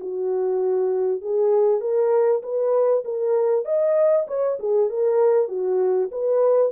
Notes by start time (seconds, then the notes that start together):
0.00 F#4
1.21 G#4
1.80 A#4
2.42 B4
3.04 A#4
3.65 D#5
4.27 C#5
4.59 G#4
4.89 A#4
5.48 F#4
6.11 B4